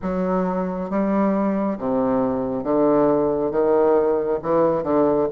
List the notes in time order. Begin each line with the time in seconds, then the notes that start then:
0.02 F#3
0.89 G3
1.78 C3
2.63 D3
3.51 D#3
4.42 E3
4.83 D3